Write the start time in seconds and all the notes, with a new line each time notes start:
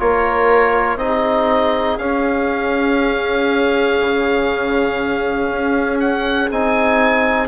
0.00 A#3 F4 A#4 C#5
0.96 C4 D#4 G#4 D#5
1.98 C#4 F5
4.00 C#3
5.51 C#4
6.00 F#5
6.50 C4 D#4 G#5